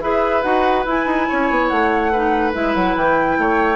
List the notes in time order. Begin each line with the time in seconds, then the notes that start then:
0.00 E4 G#4 B4 E5
0.42 D#4 F#4 F#5
0.85 E4 G#5
1.06 D#4
1.29 C#4 C#5
1.50 B3
1.68 A3 F#5
2.12 D#4 B4
2.53 G#3 E4 E5
2.74 F#3 F#5
2.96 E3 G5
3.38 A3 C#5